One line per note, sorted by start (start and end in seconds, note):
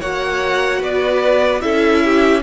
0.00 0.82 A#3
0.00 1.61 F#4
0.00 0.80 C#5
0.00 0.82 F#5
0.80 1.63 B3
0.80 1.61 B4
0.80 1.61 D5
1.61 2.43 C#4
1.61 2.42 E4
1.61 2.04 A4
1.61 2.42 E5
2.05 2.43 G4